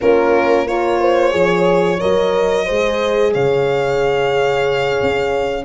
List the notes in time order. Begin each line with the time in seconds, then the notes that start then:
0.01 A#3 C#4 F4 A#4
0.66 F4 A#4 C#5
1.00 C5
1.30 F3 G#4 C#5
2.00 F#3 A#4 D#5
2.65 G#3 G#4 C5
3.33 C#3 C#5 F5
5.02 C#4